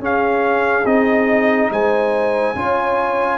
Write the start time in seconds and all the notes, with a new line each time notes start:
0.00 C#4 G#4 F5
0.85 C4 D#4 D#5
1.71 G#3 C5 G#5
2.56 C#4 F4 C#5